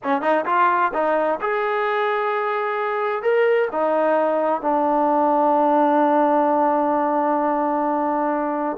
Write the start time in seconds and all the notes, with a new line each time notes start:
0.03 C#4
0.21 D#4
0.45 F4
0.93 D#4
1.41 G#4
3.22 A#4
3.72 D#4
4.61 D4